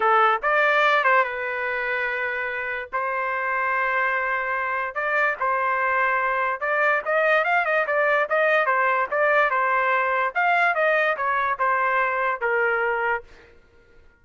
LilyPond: \new Staff \with { instrumentName = "trumpet" } { \time 4/4 \tempo 4 = 145 a'4 d''4. c''8 b'4~ | b'2. c''4~ | c''1 | d''4 c''2. |
d''4 dis''4 f''8 dis''8 d''4 | dis''4 c''4 d''4 c''4~ | c''4 f''4 dis''4 cis''4 | c''2 ais'2 | }